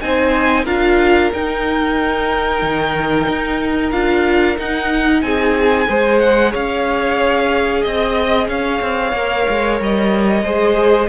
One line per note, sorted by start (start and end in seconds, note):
0.00 0.65 C4
0.00 0.66 D#4
0.00 0.64 C5
0.00 0.65 G#5
0.64 1.30 D4
0.64 1.31 F4
0.64 5.21 A#4
0.64 1.31 F5
1.33 2.62 D#4
1.33 3.92 D#4
1.33 3.91 G5
2.62 3.27 D#3
3.28 3.92 D#4
3.91 4.57 D4
3.91 4.57 F4
3.91 4.56 F5
4.57 5.87 D#4
4.57 5.22 D#4
4.57 5.21 F#5
5.21 5.87 C4
5.21 5.88 G#4
5.21 6.19 G#5
5.87 6.54 G#3
5.87 9.14 G#4
5.87 6.51 C5
6.19 6.52 F#5
6.51 7.85 C#4
6.51 7.80 C#5
6.51 7.82 F5
7.80 8.48 C4
7.80 8.46 D#5
7.80 8.47 D#5
8.48 8.80 C#4
8.48 10.43 C#5
8.48 9.79 F5
8.81 9.12 C4
9.12 9.45 A#3
9.12 10.44 A#4
9.49 9.80 G#3
9.80 10.43 G3
9.80 11.08 D#5
10.43 11.08 G#3
10.43 11.08 G#4
10.43 11.08 C5